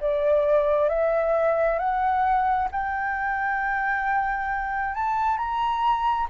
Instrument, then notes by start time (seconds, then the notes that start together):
flute
0.00 D5
0.89 E5
1.78 F#5
2.71 G5
4.94 A5
5.37 A#5